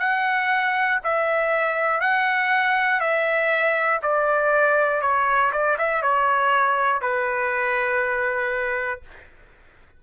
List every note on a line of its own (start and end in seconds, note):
0.00 1.00 F#5
1.05 2.01 E5
2.01 3.01 F#5
3.01 4.01 E5
4.03 5.02 D5
5.02 5.52 C#5
5.52 5.77 D5
5.79 6.02 E5
6.02 7.02 C#5
7.02 9.02 B4